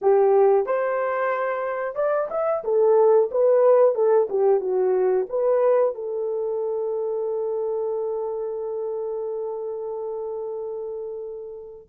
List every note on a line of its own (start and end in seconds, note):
0.01 0.66 G4
0.66 1.95 C5
1.95 2.28 D5
2.30 2.63 E5
2.64 3.30 A4
3.31 3.94 B4
3.94 4.27 A4
4.29 4.60 G4
4.60 5.26 F#4
5.29 5.95 B4
5.95 11.88 A4